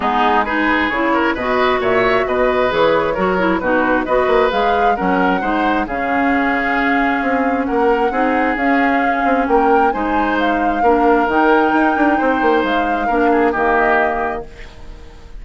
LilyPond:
<<
  \new Staff \with { instrumentName = "flute" } { \time 4/4 \tempo 4 = 133 gis'4 b'4 cis''4 dis''4 | e''4 dis''4 cis''2 | b'4 dis''4 f''4 fis''4~ | fis''4 f''2.~ |
f''4 fis''2 f''4~ | f''4 g''4 gis''4 f''4~ | f''4 g''2. | f''2 dis''2 | }
  \new Staff \with { instrumentName = "oboe" } { \time 4/4 dis'4 gis'4. ais'8 b'4 | cis''4 b'2 ais'4 | fis'4 b'2 ais'4 | c''4 gis'2.~ |
gis'4 ais'4 gis'2~ | gis'4 ais'4 c''2 | ais'2. c''4~ | c''4 ais'8 gis'8 g'2 | }
  \new Staff \with { instrumentName = "clarinet" } { \time 4/4 b4 dis'4 e'4 fis'4~ | fis'2 gis'4 fis'8 e'8 | dis'4 fis'4 gis'4 cis'4 | dis'4 cis'2.~ |
cis'2 dis'4 cis'4~ | cis'2 dis'2 | d'4 dis'2.~ | dis'4 d'4 ais2 | }
  \new Staff \with { instrumentName = "bassoon" } { \time 4/4 gis2 cis4 b,4 | ais,4 b,4 e4 fis4 | b,4 b8 ais8 gis4 fis4 | gis4 cis2. |
c'4 ais4 c'4 cis'4~ | cis'8 c'8 ais4 gis2 | ais4 dis4 dis'8 d'8 c'8 ais8 | gis4 ais4 dis2 | }
>>